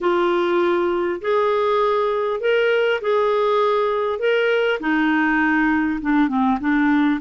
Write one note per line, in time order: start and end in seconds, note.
0.00 1.20 F4
1.21 2.40 G#4
2.40 3.00 A#4
3.01 4.19 G#4
4.19 4.79 A#4
4.79 5.99 D#4
6.01 6.28 D4
6.28 6.58 C4
6.60 7.20 D4